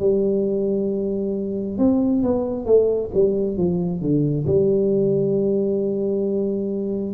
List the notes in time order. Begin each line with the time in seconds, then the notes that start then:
0.00 G3
1.78 C4
2.23 B3
2.65 A3
3.14 G3
3.57 F3
4.01 D3
4.47 G3